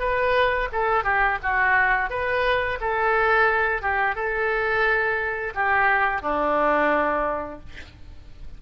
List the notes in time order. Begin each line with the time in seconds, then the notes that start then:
0.00 B4
0.73 A4
1.04 G4
1.43 F#4
2.10 B4
2.81 A4
3.82 G4
4.16 A4
5.55 G4
6.22 D4